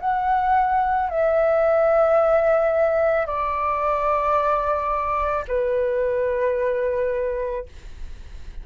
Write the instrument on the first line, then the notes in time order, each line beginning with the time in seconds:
flute
0.00 F#5
1.09 E5
3.26 D5
5.47 B4